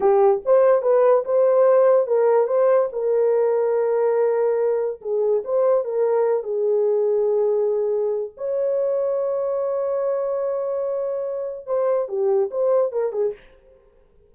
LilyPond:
\new Staff \with { instrumentName = "horn" } { \time 4/4 \tempo 4 = 144 g'4 c''4 b'4 c''4~ | c''4 ais'4 c''4 ais'4~ | ais'1 | gis'4 c''4 ais'4. gis'8~ |
gis'1 | cis''1~ | cis''1 | c''4 g'4 c''4 ais'8 gis'8 | }